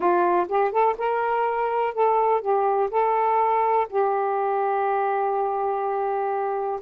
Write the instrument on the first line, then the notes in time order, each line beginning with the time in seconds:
saxophone
0.00 F4
0.48 G4
0.71 A4
0.98 A#4
1.94 A4
2.41 G4
2.90 A4
3.89 G4